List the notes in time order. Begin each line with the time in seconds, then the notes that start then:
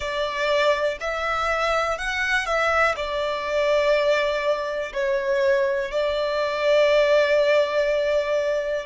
0.00 D5
1.00 E5
1.98 F#5
2.45 E5
2.96 D5
4.93 C#5
5.91 D5